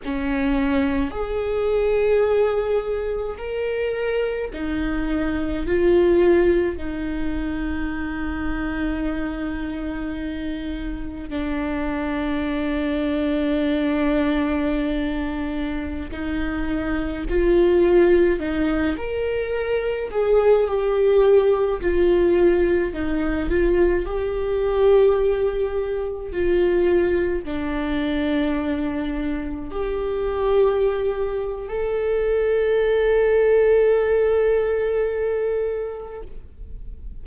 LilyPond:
\new Staff \with { instrumentName = "viola" } { \time 4/4 \tempo 4 = 53 cis'4 gis'2 ais'4 | dis'4 f'4 dis'2~ | dis'2 d'2~ | d'2~ d'16 dis'4 f'8.~ |
f'16 dis'8 ais'4 gis'8 g'4 f'8.~ | f'16 dis'8 f'8 g'2 f'8.~ | f'16 d'2 g'4.~ g'16 | a'1 | }